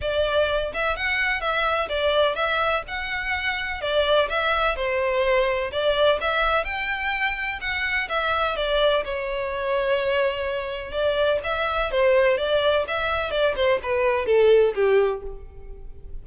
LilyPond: \new Staff \with { instrumentName = "violin" } { \time 4/4 \tempo 4 = 126 d''4. e''8 fis''4 e''4 | d''4 e''4 fis''2 | d''4 e''4 c''2 | d''4 e''4 g''2 |
fis''4 e''4 d''4 cis''4~ | cis''2. d''4 | e''4 c''4 d''4 e''4 | d''8 c''8 b'4 a'4 g'4 | }